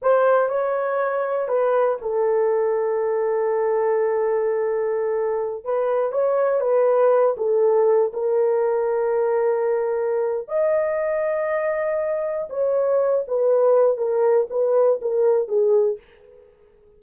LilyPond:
\new Staff \with { instrumentName = "horn" } { \time 4/4 \tempo 4 = 120 c''4 cis''2 b'4 | a'1~ | a'2.~ a'16 b'8.~ | b'16 cis''4 b'4. a'4~ a'16~ |
a'16 ais'2.~ ais'8.~ | ais'4 dis''2.~ | dis''4 cis''4. b'4. | ais'4 b'4 ais'4 gis'4 | }